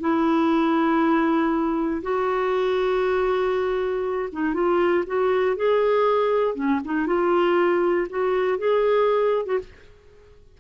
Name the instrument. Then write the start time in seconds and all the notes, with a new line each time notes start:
clarinet
0.00 E4
2.02 F#4
4.32 D#4
4.54 F4
5.07 F#4
5.56 G#4
6.55 C#4
6.85 D#4
7.07 F4
8.09 F#4
8.58 G#4
9.46 F#4